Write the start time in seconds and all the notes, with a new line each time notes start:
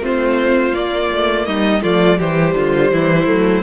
0.00 A3 C4 F4 C5
0.73 A#3 D5
1.11 A3
1.46 G3 D#4 D#5
1.82 F3 A3 F4 D5
2.18 E3 G3 G4 C5
2.55 D3 F4
2.91 E3 E4
3.27 F#3 A3